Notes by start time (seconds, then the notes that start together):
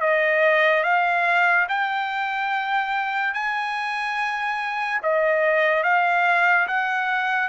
0.00 D#5
0.83 F5
1.68 G5
3.34 G#5
5.02 D#5
5.83 F5
6.67 F#5